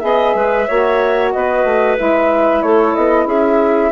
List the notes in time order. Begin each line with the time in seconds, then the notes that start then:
0.00 B3 G#4 D#5 E5
0.35 G#3 B4
0.68 A#3 F#4 C#5
1.32 B3 B4 D#5
1.64 A3
1.97 G#3 E4 E5
2.63 A3 A4 C#5
2.95 B3 D#5
3.26 C#4 G#4 E5